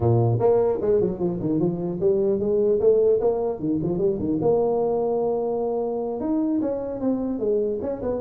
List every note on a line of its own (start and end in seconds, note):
0.00 0.39 A#2
0.39 0.79 A#3
0.81 1.00 G#3
1.00 1.19 F#3
1.19 1.39 F3
1.40 1.59 D#3
1.59 1.99 F3
2.00 2.39 G3
2.39 2.79 G#3
2.79 3.19 A3
3.20 3.59 A#3
3.59 3.79 D#3
3.83 3.98 F3
3.98 4.18 G3
4.18 4.38 D#3
4.41 6.20 A#3
6.20 6.60 D#4
6.61 7.00 C#4
7.00 7.39 C4
7.39 7.79 G#3
7.81 8.01 C#4
8.02 8.21 B3